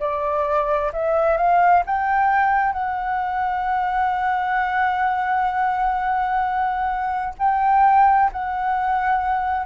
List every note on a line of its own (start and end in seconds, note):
0.00 0.92 D5
0.93 1.37 E5
1.37 1.83 F5
1.86 2.73 G5
2.73 7.34 F#5
7.39 8.31 G5
8.32 9.66 F#5